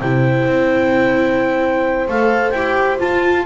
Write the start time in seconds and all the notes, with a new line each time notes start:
0.00 C3 E4 C5 G5
0.46 C4
2.08 A3 A4 F5
2.50 E4 G4 G5
2.98 F4 A5